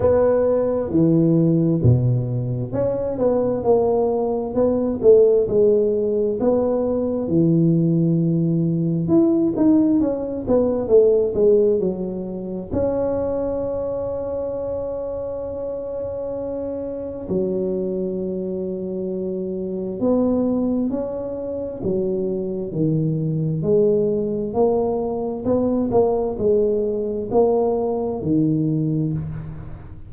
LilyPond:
\new Staff \with { instrumentName = "tuba" } { \time 4/4 \tempo 4 = 66 b4 e4 b,4 cis'8 b8 | ais4 b8 a8 gis4 b4 | e2 e'8 dis'8 cis'8 b8 | a8 gis8 fis4 cis'2~ |
cis'2. fis4~ | fis2 b4 cis'4 | fis4 dis4 gis4 ais4 | b8 ais8 gis4 ais4 dis4 | }